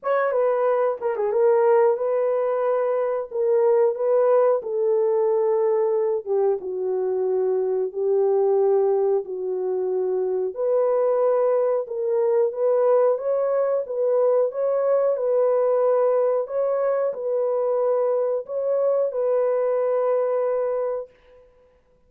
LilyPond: \new Staff \with { instrumentName = "horn" } { \time 4/4 \tempo 4 = 91 cis''8 b'4 ais'16 gis'16 ais'4 b'4~ | b'4 ais'4 b'4 a'4~ | a'4. g'8 fis'2 | g'2 fis'2 |
b'2 ais'4 b'4 | cis''4 b'4 cis''4 b'4~ | b'4 cis''4 b'2 | cis''4 b'2. | }